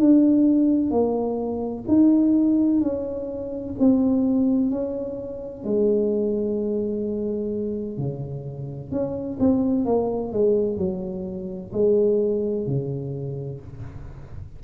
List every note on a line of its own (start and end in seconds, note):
0.00 0.91 D4
0.91 1.85 A#3
1.88 2.81 D#4
2.81 3.75 C#4
3.80 4.70 C4
4.70 5.64 C#4
5.64 7.98 G#3
7.98 8.91 C#3
8.91 9.38 C#4
9.40 9.86 C4
9.86 10.33 A#3
10.33 10.78 G#3
10.78 11.72 F#3
11.73 12.67 G#3
12.67 13.61 C#3